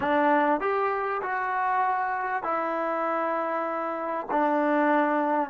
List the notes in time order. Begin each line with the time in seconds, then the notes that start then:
0.00 D4
0.60 G4
1.22 F#4
2.43 E4
4.31 D4